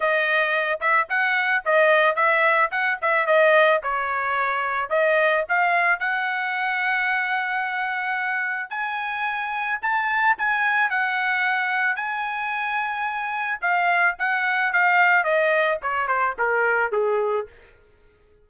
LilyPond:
\new Staff \with { instrumentName = "trumpet" } { \time 4/4 \tempo 4 = 110 dis''4. e''8 fis''4 dis''4 | e''4 fis''8 e''8 dis''4 cis''4~ | cis''4 dis''4 f''4 fis''4~ | fis''1 |
gis''2 a''4 gis''4 | fis''2 gis''2~ | gis''4 f''4 fis''4 f''4 | dis''4 cis''8 c''8 ais'4 gis'4 | }